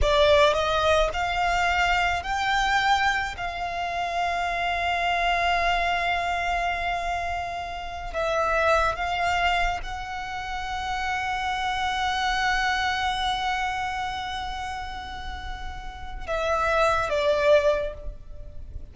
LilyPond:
\new Staff \with { instrumentName = "violin" } { \time 4/4 \tempo 4 = 107 d''4 dis''4 f''2 | g''2 f''2~ | f''1~ | f''2~ f''8 e''4. |
f''4. fis''2~ fis''8~ | fis''1~ | fis''1~ | fis''4 e''4. d''4. | }